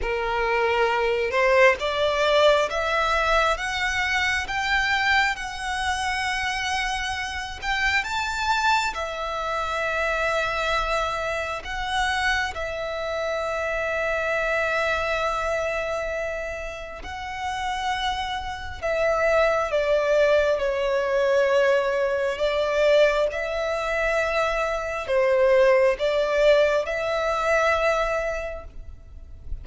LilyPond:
\new Staff \with { instrumentName = "violin" } { \time 4/4 \tempo 4 = 67 ais'4. c''8 d''4 e''4 | fis''4 g''4 fis''2~ | fis''8 g''8 a''4 e''2~ | e''4 fis''4 e''2~ |
e''2. fis''4~ | fis''4 e''4 d''4 cis''4~ | cis''4 d''4 e''2 | c''4 d''4 e''2 | }